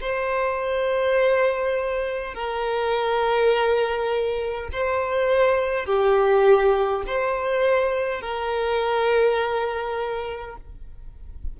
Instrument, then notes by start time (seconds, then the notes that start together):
violin
0.00 C5
2.34 A#4
4.72 C5
5.86 G4
7.06 C5
8.20 A#4